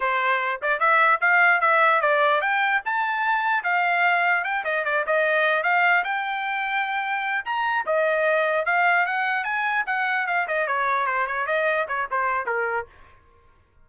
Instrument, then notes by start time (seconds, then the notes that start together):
trumpet
0.00 C5
0.62 D5
0.79 E5
1.20 F5
1.61 E5
2.01 D5
2.41 G5
2.85 A5
3.63 F5
4.44 G5
4.64 D#5
4.84 D5
5.06 D#5
5.63 F5
6.04 G5
7.45 A#5
7.86 D#5
8.65 F5
9.05 F#5
9.44 G#5
9.86 F#5
10.27 F5
10.47 D#5
10.67 C#5
11.06 C5
11.26 C#5
11.46 D#5
11.87 C#5
12.10 C5
12.46 A#4